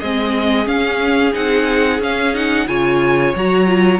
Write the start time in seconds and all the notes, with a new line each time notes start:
0.00 G#3 C4 G#4 D#5
0.66 C#4 F5
1.33 C4 D#4 F#5
1.99 C#4 F5
2.33 D#4 F#5
2.67 C#3 F4 C#5 G#5
3.36 F#3 F#4 A#5
3.66 F4